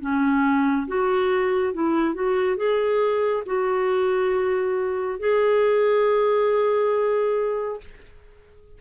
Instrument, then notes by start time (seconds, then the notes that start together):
clarinet
0.00 C#4
0.87 F#4
1.73 E4
2.14 F#4
2.56 G#4
3.46 F#4
5.19 G#4